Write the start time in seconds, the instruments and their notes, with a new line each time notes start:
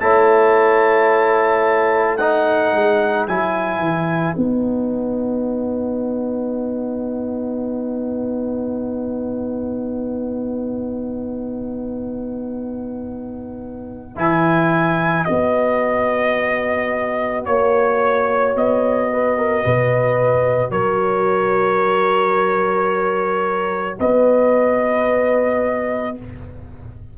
0.00 tuba A3, trombone E4, horn C#5, trumpet A5
2.17 trombone D#4, horn B4, trumpet F#5
2.73 tuba G#3
3.27 tuba F#3, trombone E4, trumpet G#5
3.79 tuba E3
4.35 tuba B3, trombone D#4, trumpet F#5
14.16 tuba E3, trombone E4, trumpet G#5
15.25 tuba B3, trombone F#4, trumpet D#5
17.45 tuba A#3, trumpet C#5, horn C#5
18.55 tuba B3, trumpet D#5
19.11 horn B4
19.38 horn A#4
19.64 tuba B2, horn B4
20.71 tuba F#3, horn A#4, trumpet C#5
23.99 tuba B3, horn B4, trumpet D#5